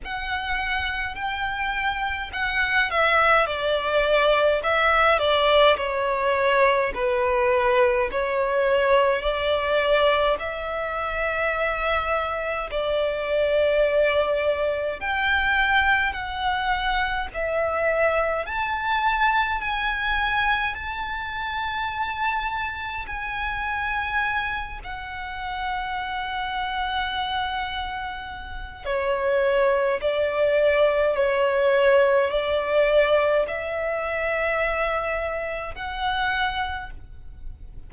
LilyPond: \new Staff \with { instrumentName = "violin" } { \time 4/4 \tempo 4 = 52 fis''4 g''4 fis''8 e''8 d''4 | e''8 d''8 cis''4 b'4 cis''4 | d''4 e''2 d''4~ | d''4 g''4 fis''4 e''4 |
a''4 gis''4 a''2 | gis''4. fis''2~ fis''8~ | fis''4 cis''4 d''4 cis''4 | d''4 e''2 fis''4 | }